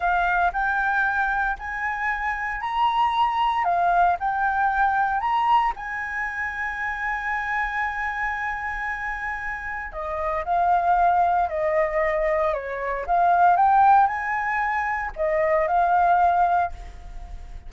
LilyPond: \new Staff \with { instrumentName = "flute" } { \time 4/4 \tempo 4 = 115 f''4 g''2 gis''4~ | gis''4 ais''2 f''4 | g''2 ais''4 gis''4~ | gis''1~ |
gis''2. dis''4 | f''2 dis''2 | cis''4 f''4 g''4 gis''4~ | gis''4 dis''4 f''2 | }